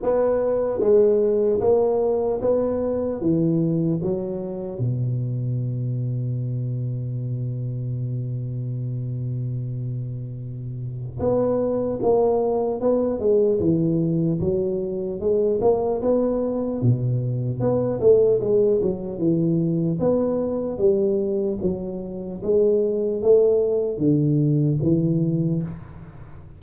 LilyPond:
\new Staff \with { instrumentName = "tuba" } { \time 4/4 \tempo 4 = 75 b4 gis4 ais4 b4 | e4 fis4 b,2~ | b,1~ | b,2 b4 ais4 |
b8 gis8 e4 fis4 gis8 ais8 | b4 b,4 b8 a8 gis8 fis8 | e4 b4 g4 fis4 | gis4 a4 d4 e4 | }